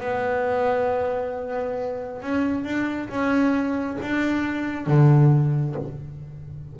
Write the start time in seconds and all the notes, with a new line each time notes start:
0.00 B3
2.22 C#4
2.64 D4
3.09 C#4
4.02 D4
4.86 D3